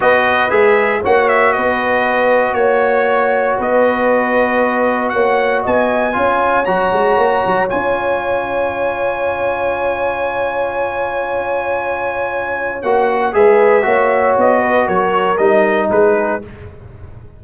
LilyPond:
<<
  \new Staff \with { instrumentName = "trumpet" } { \time 4/4 \tempo 4 = 117 dis''4 e''4 fis''8 e''8 dis''4~ | dis''4 cis''2 dis''4~ | dis''2 fis''4 gis''4~ | gis''4 ais''2 gis''4~ |
gis''1~ | gis''1~ | gis''4 fis''4 e''2 | dis''4 cis''4 dis''4 b'4 | }
  \new Staff \with { instrumentName = "horn" } { \time 4/4 b'2 cis''4 b'4~ | b'4 cis''2 b'4~ | b'2 cis''4 dis''4 | cis''1~ |
cis''1~ | cis''1~ | cis''2 b'4 cis''4~ | cis''8 b'8 ais'2 gis'4 | }
  \new Staff \with { instrumentName = "trombone" } { \time 4/4 fis'4 gis'4 fis'2~ | fis'1~ | fis'1 | f'4 fis'2 f'4~ |
f'1~ | f'1~ | f'4 fis'4 gis'4 fis'4~ | fis'2 dis'2 | }
  \new Staff \with { instrumentName = "tuba" } { \time 4/4 b4 gis4 ais4 b4~ | b4 ais2 b4~ | b2 ais4 b4 | cis'4 fis8 gis8 ais8 fis8 cis'4~ |
cis'1~ | cis'1~ | cis'4 ais4 gis4 ais4 | b4 fis4 g4 gis4 | }
>>